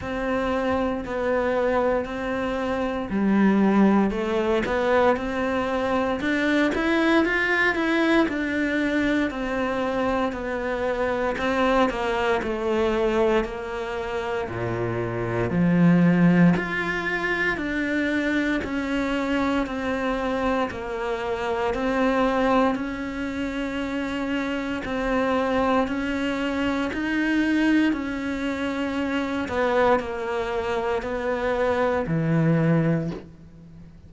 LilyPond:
\new Staff \with { instrumentName = "cello" } { \time 4/4 \tempo 4 = 58 c'4 b4 c'4 g4 | a8 b8 c'4 d'8 e'8 f'8 e'8 | d'4 c'4 b4 c'8 ais8 | a4 ais4 ais,4 f4 |
f'4 d'4 cis'4 c'4 | ais4 c'4 cis'2 | c'4 cis'4 dis'4 cis'4~ | cis'8 b8 ais4 b4 e4 | }